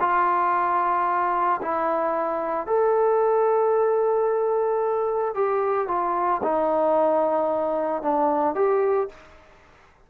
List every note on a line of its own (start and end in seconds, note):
0.00 1.61 F4
1.62 2.67 E4
2.67 5.34 A4
5.35 5.88 G4
5.88 6.41 F4
6.43 8.02 D#4
8.02 8.55 D4
8.55 9.09 G4